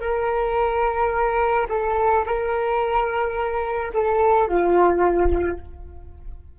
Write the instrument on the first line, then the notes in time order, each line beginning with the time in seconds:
flute
0.00 A#4
1.69 A4
2.25 A#4
3.93 A4
4.47 F4